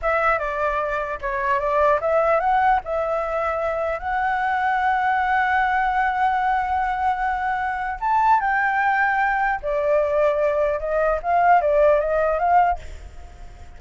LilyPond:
\new Staff \with { instrumentName = "flute" } { \time 4/4 \tempo 4 = 150 e''4 d''2 cis''4 | d''4 e''4 fis''4 e''4~ | e''2 fis''2~ | fis''1~ |
fis''1 | a''4 g''2. | d''2. dis''4 | f''4 d''4 dis''4 f''4 | }